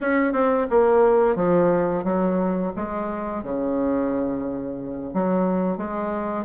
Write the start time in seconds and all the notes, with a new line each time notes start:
0.01 C#4
0.32 C4
0.70 A#3
1.35 F3
2.04 F#3
2.76 G#3
3.43 C#3
5.13 F#3
5.77 G#3